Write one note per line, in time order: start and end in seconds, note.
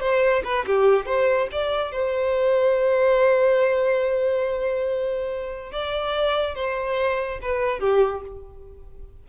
0.00 0.42 C5
0.44 0.65 B4
0.66 1.06 G4
1.06 1.48 C5
1.51 1.91 D5
1.91 5.72 C5
5.72 6.54 D5
6.54 7.39 C5
7.41 7.79 B4
7.79 8.22 G4